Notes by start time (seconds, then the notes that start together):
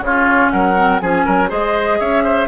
0.00 C#3 F4 C#5
0.06 C#4
0.51 F#3 A#4 F#5
0.76 C4
1.00 F3 C#4 G#4 G#5
1.25 F#3 A#4
1.48 G#3 G#4 C5 D#5
2.00 C#4 C#5 E5
2.24 C5